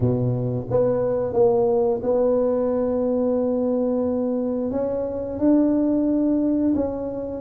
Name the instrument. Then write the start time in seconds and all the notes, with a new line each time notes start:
tuba
0.00 B2
0.70 B3
1.33 A#3
2.02 B3
4.71 C#4
5.38 D4
6.75 C#4